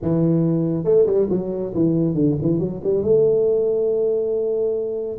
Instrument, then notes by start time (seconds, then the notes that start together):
tuba
0.02 E3
0.84 A3
1.06 G3
1.29 F#3
1.74 E3
2.14 D3
2.41 E3
2.59 F#3
2.83 G3
3.02 A3